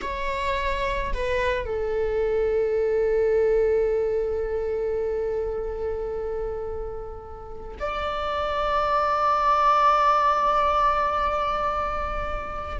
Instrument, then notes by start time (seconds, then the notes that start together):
viola
0.01 C#5
1.13 B4
1.65 A4
7.79 D5